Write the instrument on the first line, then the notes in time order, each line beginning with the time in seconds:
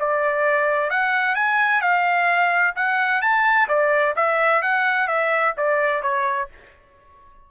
trumpet
0.00 D5
0.90 F#5
1.36 G#5
1.82 F5
2.76 F#5
3.22 A5
3.68 D5
4.16 E5
4.62 F#5
5.08 E5
5.58 D5
6.03 C#5